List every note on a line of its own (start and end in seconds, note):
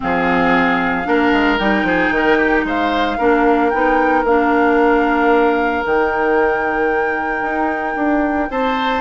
0.00 1.07 F3
0.00 1.04 C4
0.00 1.08 G#4
0.00 1.58 F5
1.04 1.32 A#3
1.04 1.58 D4
1.04 1.86 A#4
1.32 1.59 G#3
1.58 1.83 G3
1.58 3.18 D#4
1.58 2.64 G5
1.83 2.09 F3
1.83 2.13 G#4
2.10 2.63 D#3
2.16 2.37 A#4
2.37 2.64 G4
2.63 3.17 G#3
2.63 3.18 C5
2.63 3.69 F5
3.18 3.72 A#3
3.18 3.72 D4
3.18 8.49 A#4
3.69 4.24 B3
3.69 4.26 D#4
3.69 4.22 G5
4.24 5.83 A#3
4.24 5.83 D4
4.24 5.84 F5
5.83 7.41 D#3
5.83 9.01 D#4
5.83 8.50 G5
7.41 7.94 D#4
7.96 8.49 D4
8.50 9.01 C4
8.50 9.01 C5
8.50 9.01 A5